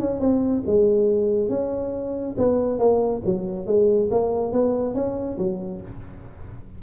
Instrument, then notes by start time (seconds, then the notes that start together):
tuba
0.00 C#4
0.20 C4
0.67 G#3
1.50 C#4
2.38 B3
2.79 A#3
3.26 F#3
3.67 G#3
4.11 A#3
4.53 B3
4.95 C#4
5.38 F#3